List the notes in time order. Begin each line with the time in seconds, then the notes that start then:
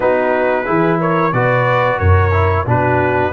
0.00 B3 D#4 F#4 B4
0.64 E3 E4 G#4
1.00 A#4 C#5
1.32 B2 F#4 B4 D5
1.98 F#2 A#4 C#5
2.31 E4
2.66 B2 D4 F#4 B4